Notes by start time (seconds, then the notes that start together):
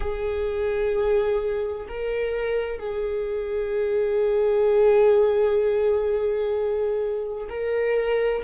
0.00 G#4
1.88 A#4
2.79 G#4
7.49 A#4